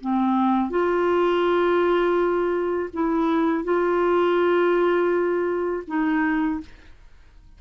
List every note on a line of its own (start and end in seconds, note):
0.00 0.70 C4
0.70 2.89 F4
2.93 3.64 E4
3.64 5.83 F4
5.87 6.60 D#4